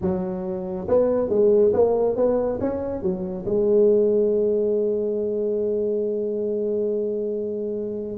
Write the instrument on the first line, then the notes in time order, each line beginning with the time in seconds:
tuba
0.01 F#3
0.88 B3
1.29 G#3
1.73 A#3
2.16 B3
2.60 C#4
3.02 F#3
3.45 G#3